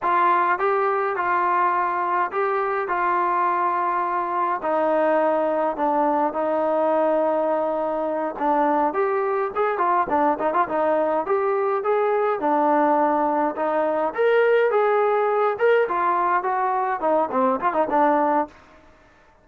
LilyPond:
\new Staff \with { instrumentName = "trombone" } { \time 4/4 \tempo 4 = 104 f'4 g'4 f'2 | g'4 f'2. | dis'2 d'4 dis'4~ | dis'2~ dis'8 d'4 g'8~ |
g'8 gis'8 f'8 d'8 dis'16 f'16 dis'4 g'8~ | g'8 gis'4 d'2 dis'8~ | dis'8 ais'4 gis'4. ais'8 f'8~ | f'8 fis'4 dis'8 c'8 f'16 dis'16 d'4 | }